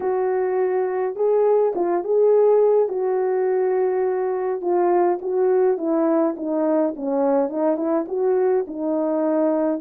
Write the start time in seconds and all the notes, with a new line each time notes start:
0.00 F#4
1.15 G#4
1.75 F4
2.04 G#4
2.88 F#4
4.61 F4
5.21 F#4
5.77 E4
6.36 D#4
6.95 C#4
7.49 D#4
7.76 E4
8.08 F#4
8.67 D#4